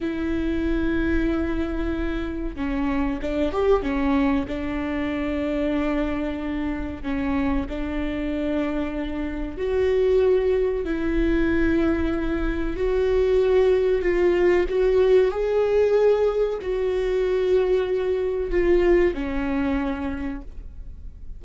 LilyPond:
\new Staff \with { instrumentName = "viola" } { \time 4/4 \tempo 4 = 94 e'1 | cis'4 d'8 g'8 cis'4 d'4~ | d'2. cis'4 | d'2. fis'4~ |
fis'4 e'2. | fis'2 f'4 fis'4 | gis'2 fis'2~ | fis'4 f'4 cis'2 | }